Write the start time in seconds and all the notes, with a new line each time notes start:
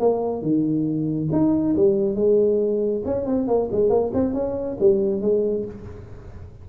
0.00 A#3
0.42 D#3
1.32 D#4
1.76 G3
2.16 G#3
3.06 C#4
3.26 C4
3.48 A#3
3.72 G#3
3.90 A#3
4.14 C4
4.34 C#4
4.80 G3
5.22 G#3